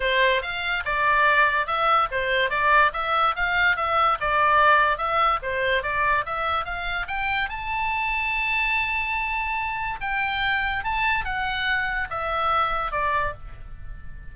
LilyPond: \new Staff \with { instrumentName = "oboe" } { \time 4/4 \tempo 4 = 144 c''4 f''4 d''2 | e''4 c''4 d''4 e''4 | f''4 e''4 d''2 | e''4 c''4 d''4 e''4 |
f''4 g''4 a''2~ | a''1 | g''2 a''4 fis''4~ | fis''4 e''2 d''4 | }